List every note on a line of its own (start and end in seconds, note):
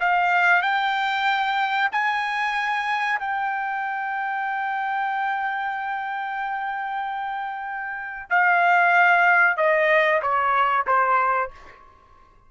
0.00 0.62 F5
0.62 1.90 G5
1.92 3.19 G#5
3.19 8.30 G5
8.30 9.57 F5
9.57 10.21 D#5
10.22 10.86 C#5
10.87 11.51 C5